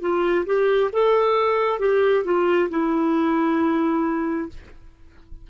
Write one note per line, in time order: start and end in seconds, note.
0.00 0.45 F4
0.46 0.90 G4
0.92 1.80 A4
1.80 2.24 G4
2.24 2.69 F4
2.70 4.49 E4